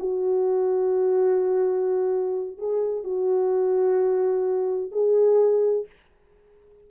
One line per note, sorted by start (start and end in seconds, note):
0.00 2.59 F#4
2.59 3.04 G#4
3.04 4.92 F#4
4.92 5.87 G#4